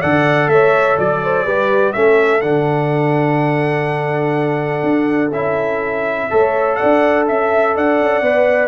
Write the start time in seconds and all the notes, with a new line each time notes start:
0.00 D3 A4 D5 F#5
0.47 A3 C#5 E5
0.98 F#3 D5
1.23 C5
1.45 G3 G4 B4
1.92 A3 C#4 A4 E5
2.40 D3 D4 F#5
4.83 D4
5.31 C#4 E4 E5
6.30 A3 A4 C#5
6.75 D5 F#5
6.82 D4
7.27 C#4 E5
7.75 D4 D5 F#5
8.00 C#4
8.21 B3 B4